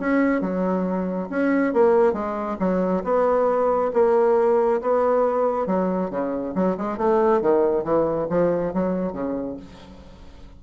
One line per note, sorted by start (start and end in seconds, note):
0.00 0.41 C#4
0.41 1.29 F#3
1.30 1.74 C#4
1.74 2.13 A#3
2.13 2.57 G#3
2.60 3.04 F#3
3.04 3.92 B3
3.94 4.81 A#3
4.82 5.67 B3
5.67 6.11 F#3
6.11 6.54 C#3
6.56 6.77 F#3
6.78 6.98 G#3
6.98 7.42 A3
7.42 7.84 D#3
7.84 8.28 E3
8.30 8.74 F3
8.74 9.13 F#3
9.13 9.57 C#3